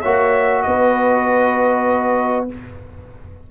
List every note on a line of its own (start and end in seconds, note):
0.00 0.65 A#3
0.00 2.48 F#4
0.00 0.61 C#5
0.00 0.62 E5
0.62 2.50 B3
0.62 2.50 B4
0.62 2.46 D#5